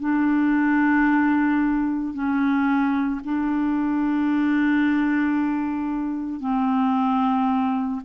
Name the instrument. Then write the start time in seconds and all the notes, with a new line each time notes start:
clarinet
0.00 D4
2.14 C#4
3.24 D4
6.41 C4